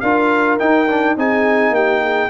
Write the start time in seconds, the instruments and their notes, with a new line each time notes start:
0.00 tuba D4, trombone F4, horn A#4, trumpet F5
0.59 trombone D#4, tuba D#4, trumpet G5
0.88 trombone D4
1.17 tuba C4, trombone D#4, horn G#4, trumpet G#5
1.70 tuba A#3, horn G4, trumpet G5
2.03 horn G#4